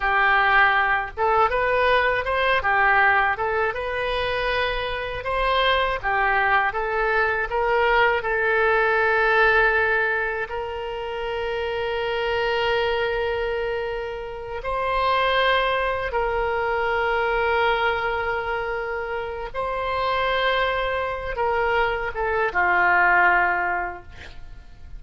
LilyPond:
\new Staff \with { instrumentName = "oboe" } { \time 4/4 \tempo 4 = 80 g'4. a'8 b'4 c''8 g'8~ | g'8 a'8 b'2 c''4 | g'4 a'4 ais'4 a'4~ | a'2 ais'2~ |
ais'2.~ ais'8 c''8~ | c''4. ais'2~ ais'8~ | ais'2 c''2~ | c''8 ais'4 a'8 f'2 | }